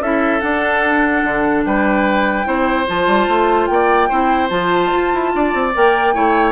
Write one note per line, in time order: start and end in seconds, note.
0.00 0.41 C#4
0.00 0.41 E4
0.00 1.65 A4
0.00 0.40 E5
0.40 2.44 D4
0.40 1.24 D4
0.40 1.62 F#5
1.24 1.64 D3
1.65 2.46 G3
1.65 2.47 B4
1.65 2.87 G5
2.44 2.87 C4
2.44 2.85 E4
2.44 3.69 C5
2.87 3.07 F3
2.87 4.09 F4
2.87 3.66 A5
3.07 3.27 G3
3.27 3.68 A3
3.66 4.10 A#3
3.66 4.09 D5
3.66 4.48 G5
4.09 4.50 C4
4.09 4.49 E4
4.09 5.31 C5
4.49 4.91 F3
4.49 5.71 F4
4.49 5.72 A5
4.92 5.12 F4
5.13 5.34 E4
5.35 5.53 D4
5.35 6.14 D5
5.53 5.74 C4
5.74 6.15 A#3
5.74 6.14 A#4
5.74 6.52 G5
6.14 6.52 A3
6.14 6.52 E4
6.14 6.52 C#5